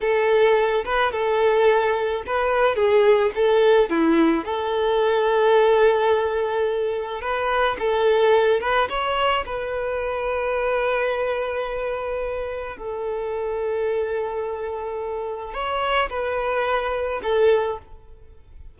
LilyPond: \new Staff \with { instrumentName = "violin" } { \time 4/4 \tempo 4 = 108 a'4. b'8 a'2 | b'4 gis'4 a'4 e'4 | a'1~ | a'4 b'4 a'4. b'8 |
cis''4 b'2.~ | b'2. a'4~ | a'1 | cis''4 b'2 a'4 | }